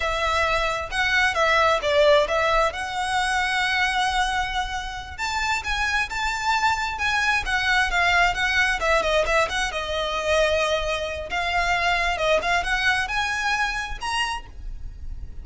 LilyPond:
\new Staff \with { instrumentName = "violin" } { \time 4/4 \tempo 4 = 133 e''2 fis''4 e''4 | d''4 e''4 fis''2~ | fis''2.~ fis''8 a''8~ | a''8 gis''4 a''2 gis''8~ |
gis''8 fis''4 f''4 fis''4 e''8 | dis''8 e''8 fis''8 dis''2~ dis''8~ | dis''4 f''2 dis''8 f''8 | fis''4 gis''2 ais''4 | }